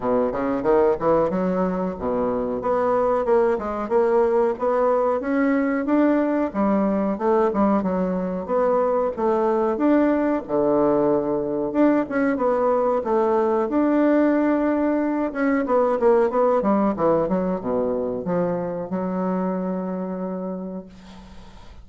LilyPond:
\new Staff \with { instrumentName = "bassoon" } { \time 4/4 \tempo 4 = 92 b,8 cis8 dis8 e8 fis4 b,4 | b4 ais8 gis8 ais4 b4 | cis'4 d'4 g4 a8 g8 | fis4 b4 a4 d'4 |
d2 d'8 cis'8 b4 | a4 d'2~ d'8 cis'8 | b8 ais8 b8 g8 e8 fis8 b,4 | f4 fis2. | }